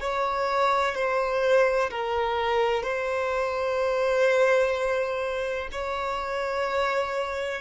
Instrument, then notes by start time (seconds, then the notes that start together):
violin
0.00 C#5
0.95 C5
1.90 A#4
2.83 C5
5.71 C#5